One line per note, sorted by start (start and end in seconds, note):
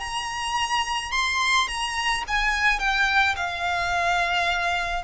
0.00 1.12 A#5
1.12 1.68 C6
1.68 2.24 A#5
2.28 2.80 G#5
2.80 3.36 G5
3.36 5.04 F5